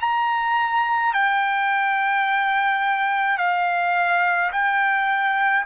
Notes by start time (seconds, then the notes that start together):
0.00 A#5
1.13 G5
3.38 F5
4.52 G5